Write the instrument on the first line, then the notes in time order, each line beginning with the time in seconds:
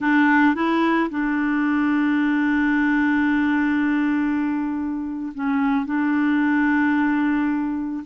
clarinet
0.00 D4
0.55 E4
1.10 D4
5.34 C#4
5.85 D4